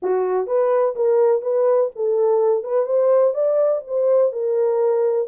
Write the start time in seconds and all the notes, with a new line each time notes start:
0.02 F#4
0.46 B4
0.95 A#4
1.42 B4
1.95 A4
2.63 B4
2.86 C5
3.34 D5
3.87 C5
4.32 A#4